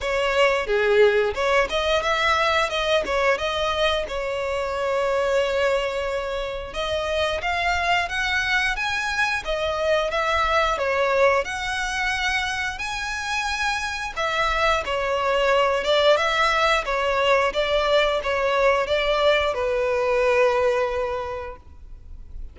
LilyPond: \new Staff \with { instrumentName = "violin" } { \time 4/4 \tempo 4 = 89 cis''4 gis'4 cis''8 dis''8 e''4 | dis''8 cis''8 dis''4 cis''2~ | cis''2 dis''4 f''4 | fis''4 gis''4 dis''4 e''4 |
cis''4 fis''2 gis''4~ | gis''4 e''4 cis''4. d''8 | e''4 cis''4 d''4 cis''4 | d''4 b'2. | }